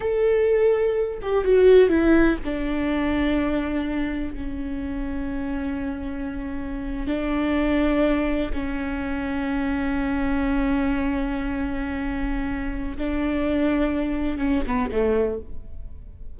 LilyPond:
\new Staff \with { instrumentName = "viola" } { \time 4/4 \tempo 4 = 125 a'2~ a'8 g'8 fis'4 | e'4 d'2.~ | d'4 cis'2.~ | cis'2~ cis'8. d'4~ d'16~ |
d'4.~ d'16 cis'2~ cis'16~ | cis'1~ | cis'2. d'4~ | d'2 cis'8 b8 a4 | }